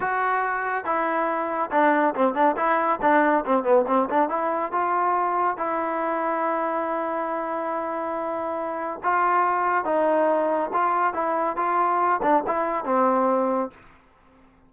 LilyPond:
\new Staff \with { instrumentName = "trombone" } { \time 4/4 \tempo 4 = 140 fis'2 e'2 | d'4 c'8 d'8 e'4 d'4 | c'8 b8 c'8 d'8 e'4 f'4~ | f'4 e'2.~ |
e'1~ | e'4 f'2 dis'4~ | dis'4 f'4 e'4 f'4~ | f'8 d'8 e'4 c'2 | }